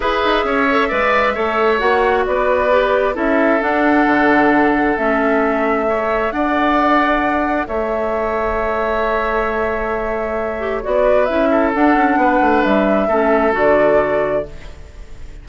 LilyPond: <<
  \new Staff \with { instrumentName = "flute" } { \time 4/4 \tempo 4 = 133 e''1 | fis''4 d''2 e''4 | fis''2. e''4~ | e''2 fis''2~ |
fis''4 e''2.~ | e''1 | d''4 e''4 fis''2 | e''2 d''2 | }
  \new Staff \with { instrumentName = "oboe" } { \time 4/4 b'4 cis''4 d''4 cis''4~ | cis''4 b'2 a'4~ | a'1~ | a'4 cis''4 d''2~ |
d''4 cis''2.~ | cis''1~ | cis''8 b'4 a'4. b'4~ | b'4 a'2. | }
  \new Staff \with { instrumentName = "clarinet" } { \time 4/4 gis'4. a'8 b'4 a'4 | fis'2 g'4 e'4 | d'2. cis'4~ | cis'4 a'2.~ |
a'1~ | a'2.~ a'8 g'8 | fis'4 e'4 d'2~ | d'4 cis'4 fis'2 | }
  \new Staff \with { instrumentName = "bassoon" } { \time 4/4 e'8 dis'8 cis'4 gis4 a4 | ais4 b2 cis'4 | d'4 d2 a4~ | a2 d'2~ |
d'4 a2.~ | a1 | b4 cis'4 d'8 cis'8 b8 a8 | g4 a4 d2 | }
>>